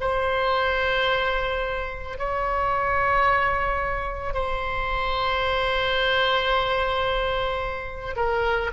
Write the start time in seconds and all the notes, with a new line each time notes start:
0.00 C5
2.18 C#5
4.34 C5
8.16 A#4